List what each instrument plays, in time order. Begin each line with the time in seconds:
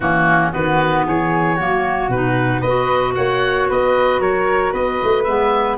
0.00 tuba E3, clarinet A#3, flute C#4, oboe F#4
0.51 tuba D#3, clarinet B3, flute F#4, oboe B4
1.06 tuba E3, flute G#4, oboe C#5
1.56 tuba F#3, clarinet A#3, flute F#4
2.08 tuba B2, clarinet D#4, oboe B4
2.60 tuba B3, clarinet F#4, flute B4, oboe D#5
3.14 tuba A#3, flute C#5, oboe F#5
3.69 tuba B3, flute B4, oboe D#5
4.19 tuba F#3, flute A#4, oboe C#5
4.72 tuba B3, flute B4, oboe D#5
5.03 tuba A3
5.23 tuba G#3, clarinet B3, oboe E5